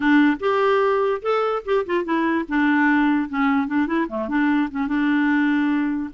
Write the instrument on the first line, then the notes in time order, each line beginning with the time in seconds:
clarinet
0.00 D4
0.40 G4
1.22 A4
1.65 G4
1.86 F4
2.04 E4
2.48 D4
3.29 C#4
3.67 D4
3.87 E4
4.08 A3
4.28 D4
4.70 C#4
4.87 D4